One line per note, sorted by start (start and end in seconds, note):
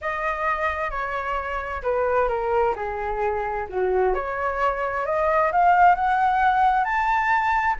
0.01 0.90 D#5
0.90 1.82 C#5
1.82 2.28 B4
2.28 2.74 A#4
2.75 3.67 G#4
3.69 4.14 F#4
4.14 5.05 C#5
5.05 5.51 D#5
5.52 5.95 F5
5.95 6.84 F#5
6.84 7.76 A5